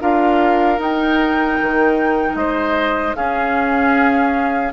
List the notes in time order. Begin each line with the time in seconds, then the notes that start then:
0.00 D4 F4 A#4 F5
0.78 D#4 G5
1.62 D#3
2.35 G#3 C5 D#5
3.15 C#4 G#4 F5